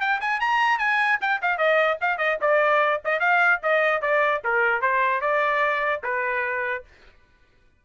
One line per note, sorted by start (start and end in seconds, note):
0.00 0.20 G5
0.20 0.40 G#5
0.40 0.78 A#5
0.78 1.19 G#5
1.21 1.41 G5
1.41 1.58 F5
1.58 1.98 D#5
2.01 2.18 F5
2.18 2.38 D#5
2.41 3.01 D5
3.05 3.20 D#5
3.20 3.60 F5
3.63 4.01 D#5
4.01 4.41 D5
4.44 4.81 A#4
4.81 5.21 C5
5.21 6.01 D5
6.03 6.84 B4